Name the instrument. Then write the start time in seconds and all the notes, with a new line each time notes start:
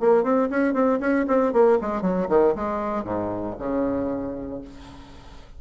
bassoon
0.00 A#3
0.23 C4
0.50 C#4
0.73 C4
1.00 C#4
1.28 C4
1.53 A#3
1.81 G#3
2.02 F#3
2.29 D#3
2.55 G#3
3.04 G#2
3.59 C#3